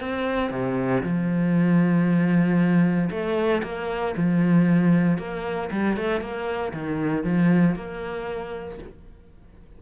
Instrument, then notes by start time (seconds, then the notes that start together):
cello
0.00 C4
0.50 C3
1.03 F3
3.10 A3
3.63 A#3
4.16 F3
5.18 A#3
5.71 G3
5.96 A3
6.20 A#3
6.73 D#3
7.24 F3
7.75 A#3